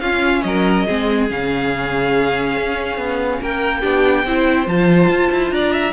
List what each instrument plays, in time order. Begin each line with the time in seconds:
0.00 cello C#4, viola C#4, violin F4 F5
0.42 cello F#3, violin A#4 D#5
0.86 cello G#3, viola C4, violin G#4
1.29 cello C#3, viola C#4, violin F5
2.57 cello C#4
2.97 cello B3
3.41 cello A#3, violin A#4 G5
3.81 cello B3, viola D4, violin G4
4.24 cello C4, viola E4, violin C5
4.66 cello F3, viola F4, violin A5
5.09 cello F4
5.31 cello E4
5.51 cello D4, violin D5 A#5
5.72 violin E5